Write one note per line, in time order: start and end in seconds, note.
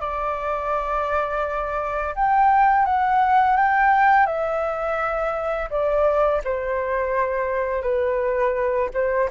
0.00 2.14 D5
2.15 2.85 G5
2.85 3.56 F#5
3.56 4.26 G5
4.26 5.69 E5
5.70 6.42 D5
6.44 7.82 C5
7.82 8.89 B4
8.94 9.30 C5